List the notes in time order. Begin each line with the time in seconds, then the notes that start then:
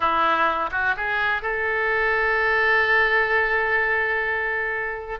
0.00 E4
0.71 F#4
0.96 G#4
1.42 A4